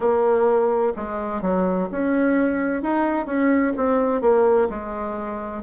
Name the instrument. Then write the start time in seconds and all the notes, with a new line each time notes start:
bassoon
0.00 A#3
0.96 G#3
1.41 F#3
1.91 C#4
2.82 D#4
3.26 C#4
3.77 C4
4.21 A#3
4.69 G#3